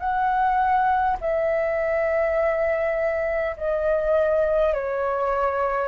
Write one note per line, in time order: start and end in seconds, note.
0.00 1.18 F#5
1.21 3.57 E5
3.57 4.74 D#5
4.74 5.88 C#5